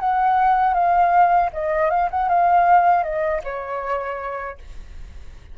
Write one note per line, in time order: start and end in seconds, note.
0.00 0.74 F#5
0.74 1.50 F5
1.53 1.90 D#5
1.90 2.09 F5
2.11 2.29 F#5
2.29 3.03 F5
3.03 3.41 D#5
3.44 4.58 C#5